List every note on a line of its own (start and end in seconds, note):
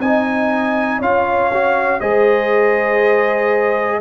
0.00 1.00 C4
0.00 1.02 D#4
0.00 0.99 D#5
0.00 1.01 G#5
0.99 2.01 C#4
0.99 1.52 F4
0.99 1.99 C#5
0.99 2.01 F5
1.54 2.01 F#4
2.01 4.01 G#3
2.01 4.01 G#4
2.01 4.01 C5
2.01 4.01 D#5